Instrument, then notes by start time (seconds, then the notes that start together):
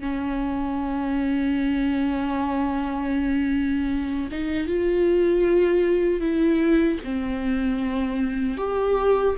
viola
0.00 C#4
4.31 D#4
4.67 F4
6.20 E4
7.04 C4
8.57 G4